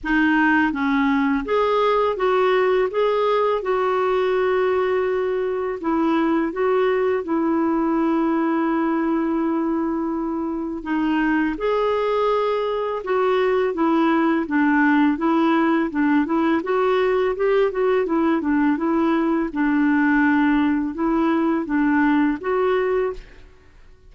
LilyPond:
\new Staff \with { instrumentName = "clarinet" } { \time 4/4 \tempo 4 = 83 dis'4 cis'4 gis'4 fis'4 | gis'4 fis'2. | e'4 fis'4 e'2~ | e'2. dis'4 |
gis'2 fis'4 e'4 | d'4 e'4 d'8 e'8 fis'4 | g'8 fis'8 e'8 d'8 e'4 d'4~ | d'4 e'4 d'4 fis'4 | }